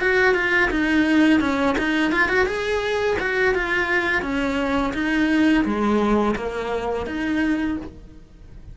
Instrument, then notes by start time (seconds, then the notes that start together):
cello
0.00 F#4
0.34 F4
0.70 D#4
1.40 C#4
1.78 D#4
2.11 F4
2.28 F#4
2.46 G#4
3.19 F#4
3.54 F4
4.22 C#4
4.93 D#4
5.64 G#3
6.36 A#3
7.06 D#4